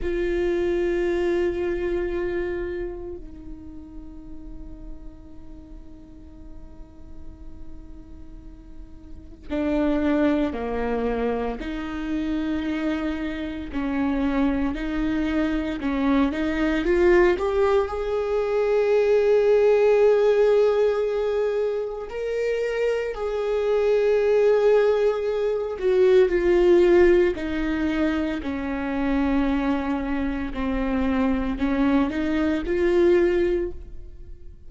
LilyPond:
\new Staff \with { instrumentName = "viola" } { \time 4/4 \tempo 4 = 57 f'2. dis'4~ | dis'1~ | dis'4 d'4 ais4 dis'4~ | dis'4 cis'4 dis'4 cis'8 dis'8 |
f'8 g'8 gis'2.~ | gis'4 ais'4 gis'2~ | gis'8 fis'8 f'4 dis'4 cis'4~ | cis'4 c'4 cis'8 dis'8 f'4 | }